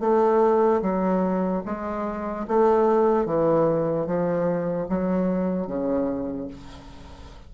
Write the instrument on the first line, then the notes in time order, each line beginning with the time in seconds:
bassoon
0.00 A3
0.81 F#3
1.65 G#3
2.47 A3
3.25 E3
4.06 F3
4.89 F#3
5.66 C#3